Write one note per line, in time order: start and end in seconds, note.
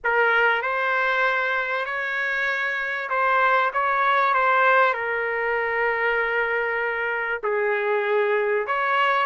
0.04 0.62 A#4
0.62 1.85 C5
1.85 3.09 C#5
3.09 3.71 C5
3.73 4.34 C#5
4.34 4.93 C5
4.93 7.41 A#4
7.43 8.66 G#4
8.66 9.26 C#5